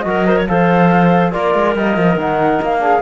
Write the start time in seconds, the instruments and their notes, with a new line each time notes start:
0.00 cello F#3, trombone F#4, flute D#5
0.07 clarinet A#4
0.26 trombone A#4, clarinet C5
0.37 clarinet C#5
0.48 cello F3, trombone A4, clarinet C5, flute F5
1.32 cello A#3, trombone F4, clarinet A#4, flute D5
1.54 cello G#3
1.75 cello G3, trombone A#3, flute D#5
1.97 cello F3
2.16 cello D#3, trombone D#4, flute F#5
2.62 cello A#3, flute F5
2.80 trombone D4, clarinet G#4